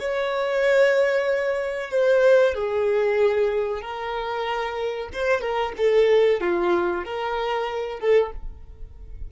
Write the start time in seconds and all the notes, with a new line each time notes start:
0.00 C#5
1.91 C5
2.54 G#4
3.82 A#4
5.13 C5
5.41 A#4
5.77 A4
6.41 F4
7.05 A#4
8.00 A4